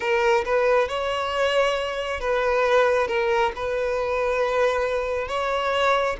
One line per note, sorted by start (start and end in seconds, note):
0.00 0.44 A#4
0.45 0.88 B4
0.88 2.20 C#5
2.20 3.07 B4
3.07 3.51 A#4
3.55 5.28 B4
5.28 6.16 C#5